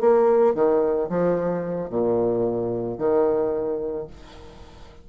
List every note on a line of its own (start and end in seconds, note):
0.00 0.55 A#3
0.55 1.09 D#3
1.09 1.90 F3
1.90 2.98 A#2
2.98 4.07 D#3